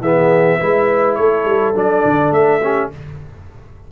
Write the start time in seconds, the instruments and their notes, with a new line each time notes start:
0.00 tuba E3, trombone B3, horn G#4, trumpet E5
0.60 tuba G#3, trombone E4, horn B4
1.14 tuba A3, horn A4, trumpet C#5
1.45 tuba G3
1.74 tuba F#3, trombone D4, trumpet D5
2.04 tuba D3
2.31 tuba A3, trumpet E5
2.62 trombone C#4, horn G4